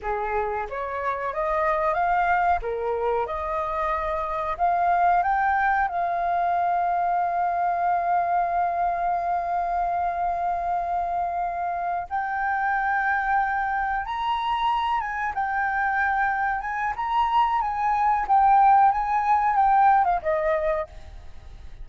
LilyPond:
\new Staff \with { instrumentName = "flute" } { \time 4/4 \tempo 4 = 92 gis'4 cis''4 dis''4 f''4 | ais'4 dis''2 f''4 | g''4 f''2.~ | f''1~ |
f''2~ f''8 g''4.~ | g''4. ais''4. gis''8 g''8~ | g''4. gis''8 ais''4 gis''4 | g''4 gis''4 g''8. f''16 dis''4 | }